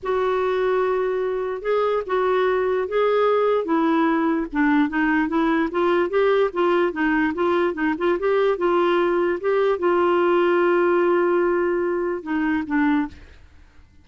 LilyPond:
\new Staff \with { instrumentName = "clarinet" } { \time 4/4 \tempo 4 = 147 fis'1 | gis'4 fis'2 gis'4~ | gis'4 e'2 d'4 | dis'4 e'4 f'4 g'4 |
f'4 dis'4 f'4 dis'8 f'8 | g'4 f'2 g'4 | f'1~ | f'2 dis'4 d'4 | }